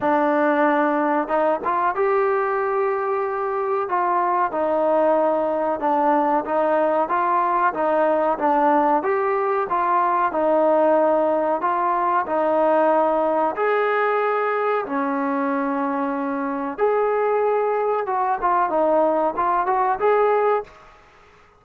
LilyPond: \new Staff \with { instrumentName = "trombone" } { \time 4/4 \tempo 4 = 93 d'2 dis'8 f'8 g'4~ | g'2 f'4 dis'4~ | dis'4 d'4 dis'4 f'4 | dis'4 d'4 g'4 f'4 |
dis'2 f'4 dis'4~ | dis'4 gis'2 cis'4~ | cis'2 gis'2 | fis'8 f'8 dis'4 f'8 fis'8 gis'4 | }